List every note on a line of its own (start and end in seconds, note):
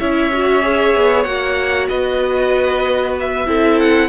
0.00 0.96 C#4
0.00 0.32 E4
0.00 1.89 C#5
0.00 1.24 E5
0.33 0.63 F#4
0.63 1.26 G#4
0.96 1.26 B3
1.24 1.89 A#3
1.24 3.47 F#4
1.24 1.87 F#5
1.89 3.47 B3
1.89 3.47 B4
1.89 3.15 D#5
3.20 3.81 E5
3.47 4.09 C4
3.47 4.09 E4
3.47 4.09 A4
3.81 4.09 F#5